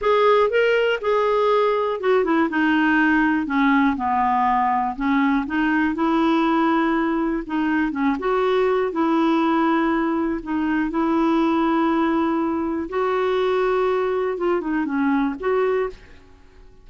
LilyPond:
\new Staff \with { instrumentName = "clarinet" } { \time 4/4 \tempo 4 = 121 gis'4 ais'4 gis'2 | fis'8 e'8 dis'2 cis'4 | b2 cis'4 dis'4 | e'2. dis'4 |
cis'8 fis'4. e'2~ | e'4 dis'4 e'2~ | e'2 fis'2~ | fis'4 f'8 dis'8 cis'4 fis'4 | }